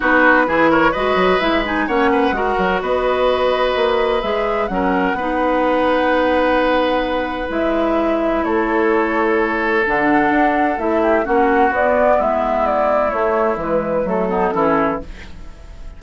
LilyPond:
<<
  \new Staff \with { instrumentName = "flute" } { \time 4/4 \tempo 4 = 128 b'4. cis''8 dis''4 e''8 gis''8 | fis''2 dis''2~ | dis''4 e''4 fis''2~ | fis''1 |
e''2 cis''2~ | cis''4 fis''2 e''4 | fis''4 d''4 e''4 d''4 | cis''4 b'4 a'2 | }
  \new Staff \with { instrumentName = "oboe" } { \time 4/4 fis'4 gis'8 ais'8 b'2 | cis''8 b'8 ais'4 b'2~ | b'2 ais'4 b'4~ | b'1~ |
b'2 a'2~ | a'2.~ a'8 g'8 | fis'2 e'2~ | e'2~ e'8 dis'8 e'4 | }
  \new Staff \with { instrumentName = "clarinet" } { \time 4/4 dis'4 e'4 fis'4 e'8 dis'8 | cis'4 fis'2.~ | fis'4 gis'4 cis'4 dis'4~ | dis'1 |
e'1~ | e'4 d'2 e'4 | cis'4 b2. | a4 gis4 a8 b8 cis'4 | }
  \new Staff \with { instrumentName = "bassoon" } { \time 4/4 b4 e4 gis8 fis8 gis4 | ais4 gis8 fis8 b2 | ais4 gis4 fis4 b4~ | b1 |
gis2 a2~ | a4 d4 d'4 a4 | ais4 b4 gis2 | a4 e4 fis4 e4 | }
>>